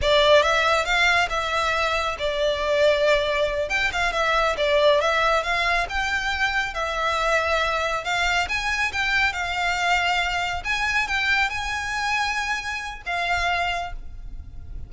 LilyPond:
\new Staff \with { instrumentName = "violin" } { \time 4/4 \tempo 4 = 138 d''4 e''4 f''4 e''4~ | e''4 d''2.~ | d''8 g''8 f''8 e''4 d''4 e''8~ | e''8 f''4 g''2 e''8~ |
e''2~ e''8 f''4 gis''8~ | gis''8 g''4 f''2~ f''8~ | f''8 gis''4 g''4 gis''4.~ | gis''2 f''2 | }